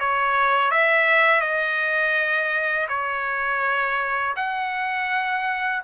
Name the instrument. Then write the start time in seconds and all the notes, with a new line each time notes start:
trumpet
0.00 C#5
0.71 E5
1.41 D#5
2.89 C#5
4.36 F#5